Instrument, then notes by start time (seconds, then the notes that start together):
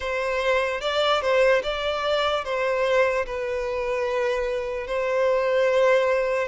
violin
0.00 C5
0.81 D5
1.21 C5
1.63 D5
2.44 C5
3.25 B4
4.86 C5